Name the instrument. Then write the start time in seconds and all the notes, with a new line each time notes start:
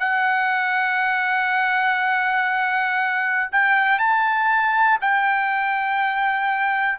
trumpet
0.00 F#5
3.52 G5
4.00 A5
5.02 G5